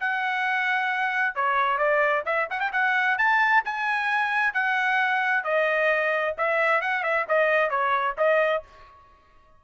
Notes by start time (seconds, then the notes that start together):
0.00 F#5
1.36 C#5
1.78 D5
2.26 E5
2.50 F#5
2.60 G5
2.73 F#5
3.18 A5
3.65 G#5
4.54 F#5
5.44 D#5
6.38 E5
6.81 F#5
7.03 E5
7.29 D#5
7.70 C#5
8.18 D#5